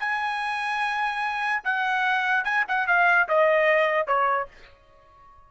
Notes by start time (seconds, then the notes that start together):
0.00 G#5
1.65 F#5
2.45 G#5
2.69 F#5
2.88 F5
3.29 D#5
4.08 C#5